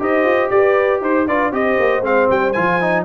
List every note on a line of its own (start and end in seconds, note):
0.00 0.24 D#4
0.00 1.27 G4
0.00 0.53 C5
0.00 0.50 D#5
0.24 0.49 F4
0.50 1.01 G4
0.50 1.02 B4
0.50 1.01 D5
1.01 1.27 D#4
1.01 1.27 C5
1.01 1.28 C5
1.27 1.51 D4
1.27 1.52 F4
1.27 1.53 B4
1.27 1.53 D5
1.51 1.77 C4
1.51 2.03 G4
1.51 3.05 C5
1.51 2.05 D#5
1.80 2.02 A#3
2.02 2.27 G#3
2.02 2.54 C4
2.02 2.30 F5
2.30 2.56 G3
2.30 2.53 G5
2.53 3.05 F3
2.53 2.81 F4
2.53 3.03 G#5
2.81 3.05 D#4